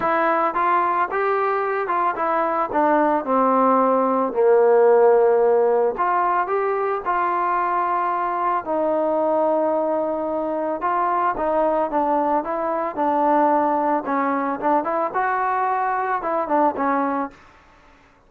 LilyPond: \new Staff \with { instrumentName = "trombone" } { \time 4/4 \tempo 4 = 111 e'4 f'4 g'4. f'8 | e'4 d'4 c'2 | ais2. f'4 | g'4 f'2. |
dis'1 | f'4 dis'4 d'4 e'4 | d'2 cis'4 d'8 e'8 | fis'2 e'8 d'8 cis'4 | }